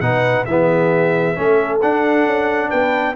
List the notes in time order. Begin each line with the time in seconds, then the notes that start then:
0.00 B2 D#4 B4 F#5
0.45 E3 B3 G#4 E5
1.35 A3 C#4 A4
1.81 D4 F#5
2.25 C#4
2.69 B3 B4 G5